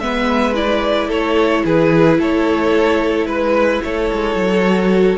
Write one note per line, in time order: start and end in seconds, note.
0.00 1.09 G#3
0.00 0.54 B3
0.00 1.09 B4
0.00 0.55 E5
0.54 4.64 E4
0.54 1.11 D5
1.09 1.64 A3
1.09 1.63 A4
1.09 1.66 C#5
1.65 2.20 E3
1.65 2.19 G#4
1.65 2.21 B4
2.19 3.26 A3
2.19 3.28 A4
2.19 3.27 C#5
3.26 3.81 G#3
3.26 3.82 B4
3.26 3.84 B4
3.84 4.11 A3
3.84 5.18 A4
3.84 5.18 C#5
4.13 4.35 G#3
4.35 5.17 F#3
4.66 5.18 F#4